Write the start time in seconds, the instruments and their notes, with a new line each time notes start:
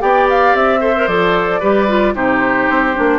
0.00 bassoon B3, clarinet G4, oboe D5, flute G5
0.30 flute F5
0.54 bassoon C4, flute E5
0.80 clarinet A4, oboe C5
0.97 clarinet A#4
1.07 bassoon F3, clarinet A4, flute D5
1.60 bassoon G3, clarinet G4, oboe B4
1.88 clarinet F4
2.15 bassoon C3, clarinet D#4, oboe G4, flute C5
2.69 bassoon C4
2.94 bassoon A#3, clarinet D4